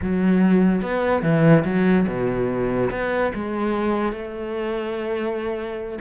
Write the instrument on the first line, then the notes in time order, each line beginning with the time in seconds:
cello
0.02 F#3
0.82 B3
1.22 E3
1.65 F#3
2.07 B2
2.91 B3
3.34 G#3
4.12 A3